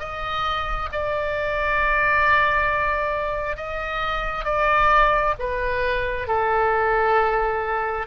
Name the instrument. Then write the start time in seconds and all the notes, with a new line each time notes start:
oboe
0.00 D#5
0.93 D5
3.57 D#5
4.45 D5
5.39 B4
6.28 A4